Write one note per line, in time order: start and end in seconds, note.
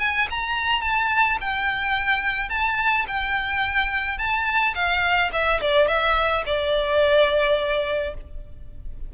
0.00 0.28 G#5
0.31 0.82 A#5
0.82 1.38 A5
1.41 2.50 G5
2.50 3.06 A5
3.08 4.19 G5
4.19 4.75 A5
4.75 5.31 F5
5.33 5.61 E5
5.62 5.88 D5
5.88 6.44 E5
6.46 8.15 D5